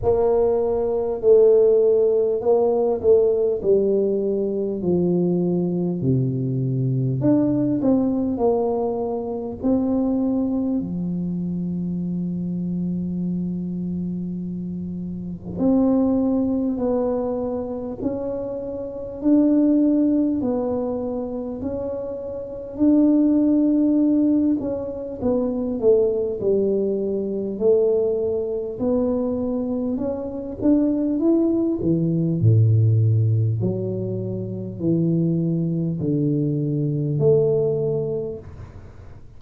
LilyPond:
\new Staff \with { instrumentName = "tuba" } { \time 4/4 \tempo 4 = 50 ais4 a4 ais8 a8 g4 | f4 c4 d'8 c'8 ais4 | c'4 f2.~ | f4 c'4 b4 cis'4 |
d'4 b4 cis'4 d'4~ | d'8 cis'8 b8 a8 g4 a4 | b4 cis'8 d'8 e'8 e8 a,4 | fis4 e4 d4 a4 | }